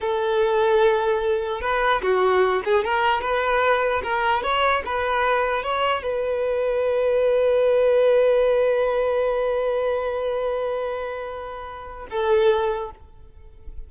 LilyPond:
\new Staff \with { instrumentName = "violin" } { \time 4/4 \tempo 4 = 149 a'1 | b'4 fis'4. gis'8 ais'4 | b'2 ais'4 cis''4 | b'2 cis''4 b'4~ |
b'1~ | b'1~ | b'1~ | b'2 a'2 | }